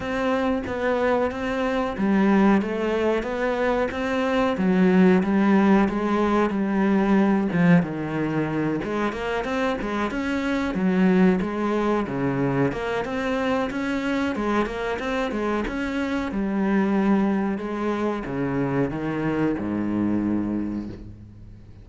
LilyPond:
\new Staff \with { instrumentName = "cello" } { \time 4/4 \tempo 4 = 92 c'4 b4 c'4 g4 | a4 b4 c'4 fis4 | g4 gis4 g4. f8 | dis4. gis8 ais8 c'8 gis8 cis'8~ |
cis'8 fis4 gis4 cis4 ais8 | c'4 cis'4 gis8 ais8 c'8 gis8 | cis'4 g2 gis4 | cis4 dis4 gis,2 | }